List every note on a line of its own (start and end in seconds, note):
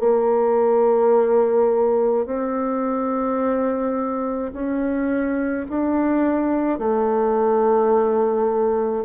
0.00 2.26 A#3
2.26 4.52 C4
4.53 5.67 C#4
5.70 6.79 D4
6.79 9.05 A3